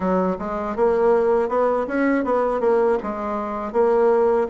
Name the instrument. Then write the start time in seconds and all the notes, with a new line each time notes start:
bassoon
0.00 F#3
0.39 G#3
0.75 A#3
1.48 B3
1.87 C#4
2.24 B3
2.60 A#3
3.02 G#3
3.72 A#3